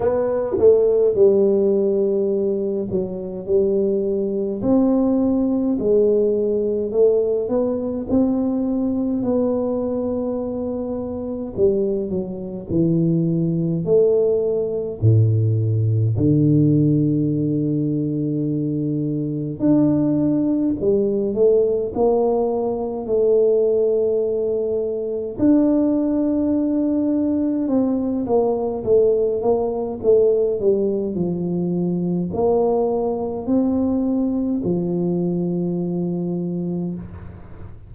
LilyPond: \new Staff \with { instrumentName = "tuba" } { \time 4/4 \tempo 4 = 52 b8 a8 g4. fis8 g4 | c'4 gis4 a8 b8 c'4 | b2 g8 fis8 e4 | a4 a,4 d2~ |
d4 d'4 g8 a8 ais4 | a2 d'2 | c'8 ais8 a8 ais8 a8 g8 f4 | ais4 c'4 f2 | }